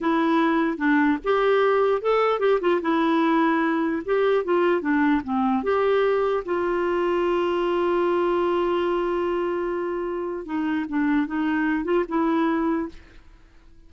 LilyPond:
\new Staff \with { instrumentName = "clarinet" } { \time 4/4 \tempo 4 = 149 e'2 d'4 g'4~ | g'4 a'4 g'8 f'8 e'4~ | e'2 g'4 f'4 | d'4 c'4 g'2 |
f'1~ | f'1~ | f'2 dis'4 d'4 | dis'4. f'8 e'2 | }